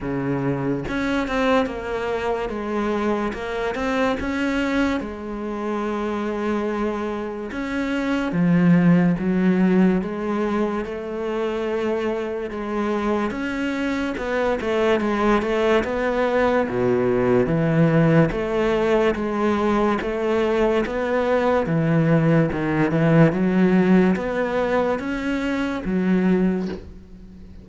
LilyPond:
\new Staff \with { instrumentName = "cello" } { \time 4/4 \tempo 4 = 72 cis4 cis'8 c'8 ais4 gis4 | ais8 c'8 cis'4 gis2~ | gis4 cis'4 f4 fis4 | gis4 a2 gis4 |
cis'4 b8 a8 gis8 a8 b4 | b,4 e4 a4 gis4 | a4 b4 e4 dis8 e8 | fis4 b4 cis'4 fis4 | }